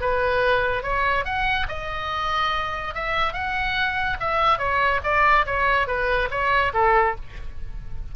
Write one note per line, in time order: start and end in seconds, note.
0.00 0.83 B4
0.83 1.25 C#5
1.25 1.66 F#5
1.68 2.94 D#5
2.94 3.33 E5
3.33 4.17 F#5
4.20 4.58 E5
4.58 5.00 C#5
5.03 5.45 D5
5.46 5.87 C#5
5.87 6.29 B4
6.30 6.72 C#5
6.73 7.15 A4